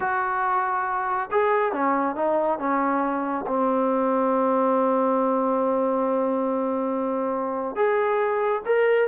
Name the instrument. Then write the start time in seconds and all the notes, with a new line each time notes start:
trombone
0.00 F#4
1.31 G#4
1.72 C#4
2.15 D#4
2.58 C#4
3.47 C4
7.75 G#4
8.65 A#4